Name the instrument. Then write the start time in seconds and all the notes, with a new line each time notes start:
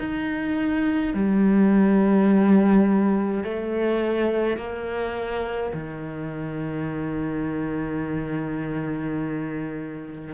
cello
0.00 D#4
1.14 G3
3.44 A3
4.57 A#3
5.74 D#3